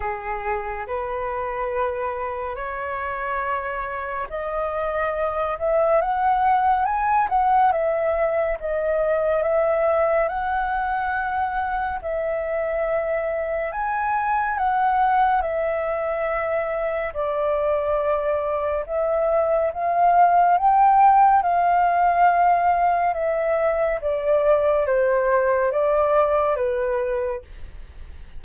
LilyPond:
\new Staff \with { instrumentName = "flute" } { \time 4/4 \tempo 4 = 70 gis'4 b'2 cis''4~ | cis''4 dis''4. e''8 fis''4 | gis''8 fis''8 e''4 dis''4 e''4 | fis''2 e''2 |
gis''4 fis''4 e''2 | d''2 e''4 f''4 | g''4 f''2 e''4 | d''4 c''4 d''4 b'4 | }